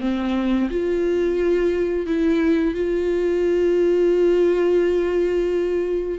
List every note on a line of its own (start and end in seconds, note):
0.00 0.69 C4
0.70 2.06 F4
2.06 2.74 E4
2.74 6.18 F4